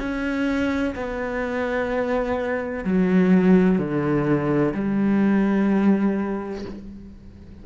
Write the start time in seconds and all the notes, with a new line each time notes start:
0.00 C#4
0.96 B3
2.85 F#3
3.79 D3
4.74 G3